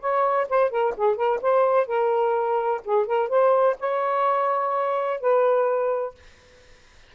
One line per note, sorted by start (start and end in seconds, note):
0.00 0.47 C#5
0.49 0.70 C5
0.70 0.94 A#4
0.97 1.16 G#4
1.16 1.40 A#4
1.42 1.87 C5
1.87 2.82 A#4
2.85 3.07 G#4
3.07 3.29 A#4
3.29 3.76 C5
3.80 5.21 C#5
5.21 6.15 B4